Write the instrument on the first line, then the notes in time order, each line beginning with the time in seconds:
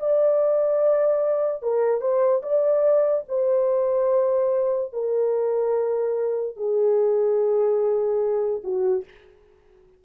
horn
0.00 D5
1.63 A#4
2.01 C5
2.43 D5
3.29 C5
4.93 A#4
6.57 G#4
8.64 F#4